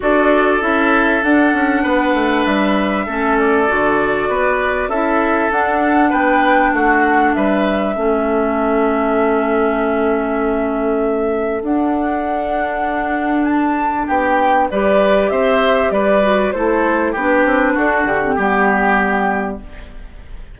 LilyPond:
<<
  \new Staff \with { instrumentName = "flute" } { \time 4/4 \tempo 4 = 98 d''4 e''4 fis''2 | e''4. d''2~ d''8 | e''4 fis''4 g''4 fis''4 | e''1~ |
e''2. fis''4~ | fis''2 a''4 g''4 | d''4 e''4 d''4 c''4 | b'4 a'8 g'2~ g'8 | }
  \new Staff \with { instrumentName = "oboe" } { \time 4/4 a'2. b'4~ | b'4 a'2 b'4 | a'2 b'4 fis'4 | b'4 a'2.~ |
a'1~ | a'2. g'4 | b'4 c''4 b'4 a'4 | g'4 fis'4 g'2 | }
  \new Staff \with { instrumentName = "clarinet" } { \time 4/4 fis'4 e'4 d'2~ | d'4 cis'4 fis'2 | e'4 d'2.~ | d'4 cis'2.~ |
cis'2. d'4~ | d'1 | g'2~ g'8 fis'8 e'4 | d'4.~ d'16 c'16 b2 | }
  \new Staff \with { instrumentName = "bassoon" } { \time 4/4 d'4 cis'4 d'8 cis'8 b8 a8 | g4 a4 d4 b4 | cis'4 d'4 b4 a4 | g4 a2.~ |
a2. d'4~ | d'2. b4 | g4 c'4 g4 a4 | b8 c'8 d'8 d8 g2 | }
>>